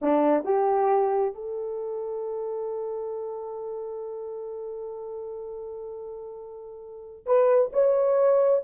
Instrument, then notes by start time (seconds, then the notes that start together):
horn
0.01 D4
0.44 G4
1.34 A4
7.26 B4
7.73 C#5